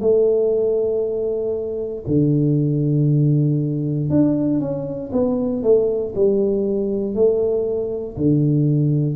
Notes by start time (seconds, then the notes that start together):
0.00 A3
2.07 D3
4.10 D4
4.60 C#4
5.12 B3
5.63 A3
6.15 G3
7.15 A3
8.16 D3